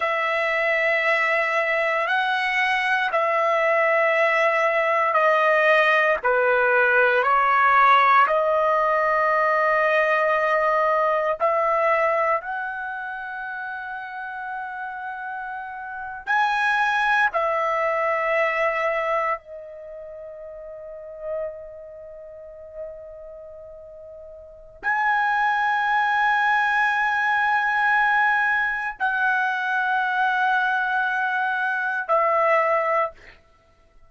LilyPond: \new Staff \with { instrumentName = "trumpet" } { \time 4/4 \tempo 4 = 58 e''2 fis''4 e''4~ | e''4 dis''4 b'4 cis''4 | dis''2. e''4 | fis''2.~ fis''8. gis''16~ |
gis''8. e''2 dis''4~ dis''16~ | dis''1 | gis''1 | fis''2. e''4 | }